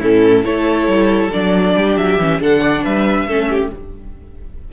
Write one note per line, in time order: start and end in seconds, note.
0.00 0.45 A2
0.00 0.44 C#4
0.00 0.43 E4
0.00 0.45 A4
0.44 0.87 A3
0.44 1.31 E4
0.44 1.76 A4
0.44 1.32 C#5
0.87 1.31 G3
1.32 1.76 F#3
1.32 2.19 D4
1.32 1.97 D5
1.76 1.97 G3
1.76 2.41 G4
1.97 2.18 F#3
1.97 2.41 E5
2.18 2.40 E3
2.18 2.41 C#4
2.41 2.84 D3
2.41 3.28 D4
2.41 2.61 A4
2.41 2.85 F#5
2.61 2.83 D5
2.84 3.26 G3
2.84 3.27 B4
2.84 3.71 E5
3.26 3.70 A3
3.26 3.72 C#4
3.26 3.49 A4
3.50 3.72 G4